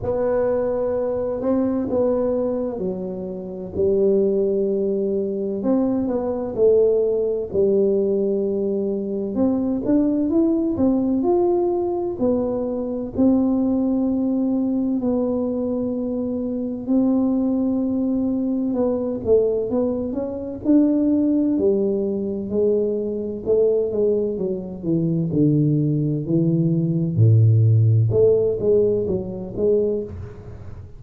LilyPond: \new Staff \with { instrumentName = "tuba" } { \time 4/4 \tempo 4 = 64 b4. c'8 b4 fis4 | g2 c'8 b8 a4 | g2 c'8 d'8 e'8 c'8 | f'4 b4 c'2 |
b2 c'2 | b8 a8 b8 cis'8 d'4 g4 | gis4 a8 gis8 fis8 e8 d4 | e4 a,4 a8 gis8 fis8 gis8 | }